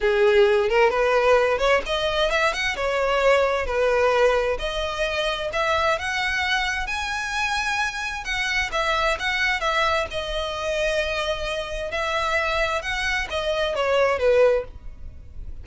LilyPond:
\new Staff \with { instrumentName = "violin" } { \time 4/4 \tempo 4 = 131 gis'4. ais'8 b'4. cis''8 | dis''4 e''8 fis''8 cis''2 | b'2 dis''2 | e''4 fis''2 gis''4~ |
gis''2 fis''4 e''4 | fis''4 e''4 dis''2~ | dis''2 e''2 | fis''4 dis''4 cis''4 b'4 | }